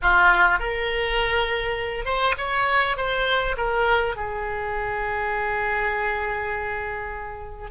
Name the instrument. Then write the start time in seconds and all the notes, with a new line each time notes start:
oboe
0.02 F4
0.59 A#4
2.05 C5
2.37 C#5
2.96 C5
3.57 A#4
4.16 G#4